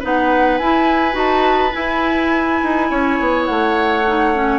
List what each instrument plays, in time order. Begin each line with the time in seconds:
0.00 bassoon B3, clarinet D#4, oboe B4, flute F#5
0.58 bassoon E4, clarinet E4, flute G#5
1.12 bassoon D#4, clarinet F#4, flute A5
1.73 clarinet E4, bassoon E4, flute G#5
2.63 bassoon D#4
2.91 bassoon C#4, oboe C#5
3.20 bassoon B3
3.46 bassoon A3, flute F#5
4.07 clarinet D#4
4.35 clarinet C#4